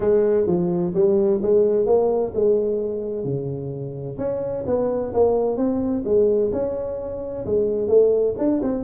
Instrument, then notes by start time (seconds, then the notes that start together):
tuba
0.00 G#3
0.46 F3
0.94 G3
1.42 G#3
1.86 A#3
2.34 G#3
3.24 C#3
4.17 C#4
4.66 B3
5.13 A#3
5.56 C4
6.04 G#3
6.52 C#4
7.45 G#3
7.88 A3
8.37 D4
8.62 C4